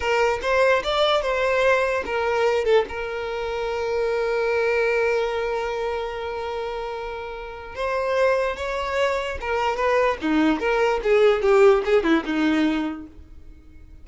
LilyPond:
\new Staff \with { instrumentName = "violin" } { \time 4/4 \tempo 4 = 147 ais'4 c''4 d''4 c''4~ | c''4 ais'4. a'8 ais'4~ | ais'1~ | ais'1~ |
ais'2. c''4~ | c''4 cis''2 ais'4 | b'4 dis'4 ais'4 gis'4 | g'4 gis'8 e'8 dis'2 | }